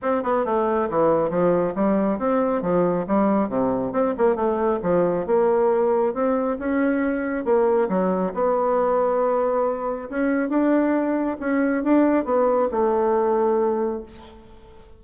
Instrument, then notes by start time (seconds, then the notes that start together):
bassoon
0.02 C4
0.23 B3
0.45 A3
0.89 E3
1.30 F3
1.75 G3
2.18 C4
2.62 F3
3.07 G3
3.48 C3
3.92 C4
4.17 A#3
4.35 A3
4.82 F3
5.26 A#3
6.14 C4
6.58 C#4
7.44 A#3
7.88 F#3
8.34 B3
10.09 C#4
10.49 D4
11.40 C#4
11.83 D4
12.24 B3
12.71 A3